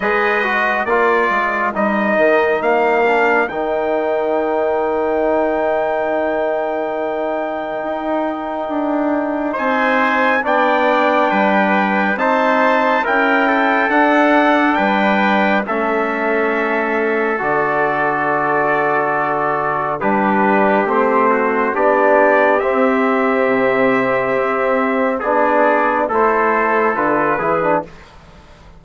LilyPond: <<
  \new Staff \with { instrumentName = "trumpet" } { \time 4/4 \tempo 4 = 69 dis''4 d''4 dis''4 f''4 | g''1~ | g''2. gis''4 | g''2 a''4 g''4 |
fis''4 g''4 e''2 | d''2. b'4 | c''4 d''4 e''2~ | e''4 d''4 c''4 b'4 | }
  \new Staff \with { instrumentName = "trumpet" } { \time 4/4 b'4 ais'2.~ | ais'1~ | ais'2. c''4 | d''4 b'4 c''4 ais'8 a'8~ |
a'4 b'4 a'2~ | a'2. g'4~ | g'8 fis'8 g'2.~ | g'4 gis'4 a'4. gis'8 | }
  \new Staff \with { instrumentName = "trombone" } { \time 4/4 gis'8 fis'8 f'4 dis'4. d'8 | dis'1~ | dis'1 | d'2 dis'4 e'4 |
d'2 cis'2 | fis'2. d'4 | c'4 d'4 c'2~ | c'4 d'4 e'4 f'8 e'16 d'16 | }
  \new Staff \with { instrumentName = "bassoon" } { \time 4/4 gis4 ais8 gis8 g8 dis8 ais4 | dis1~ | dis4 dis'4 d'4 c'4 | b4 g4 c'4 cis'4 |
d'4 g4 a2 | d2. g4 | a4 b4 c'4 c4 | c'4 b4 a4 d8 e8 | }
>>